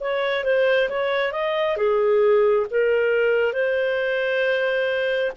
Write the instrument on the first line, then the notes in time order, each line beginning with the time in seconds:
clarinet
0.00 C#5
0.44 C5
0.89 C#5
1.31 D#5
1.77 G#4
2.70 A#4
3.53 C5